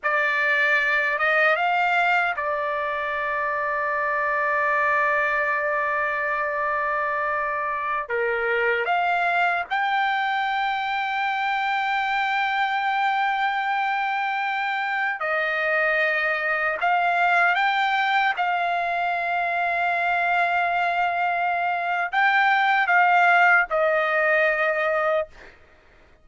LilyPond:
\new Staff \with { instrumentName = "trumpet" } { \time 4/4 \tempo 4 = 76 d''4. dis''8 f''4 d''4~ | d''1~ | d''2~ d''16 ais'4 f''8.~ | f''16 g''2.~ g''8.~ |
g''2.~ g''16 dis''8.~ | dis''4~ dis''16 f''4 g''4 f''8.~ | f''1 | g''4 f''4 dis''2 | }